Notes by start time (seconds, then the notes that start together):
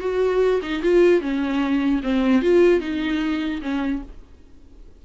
0.00 F#4
0.62 D#4
0.82 F4
1.21 C#4
2.03 C4
2.42 F4
2.80 D#4
3.62 C#4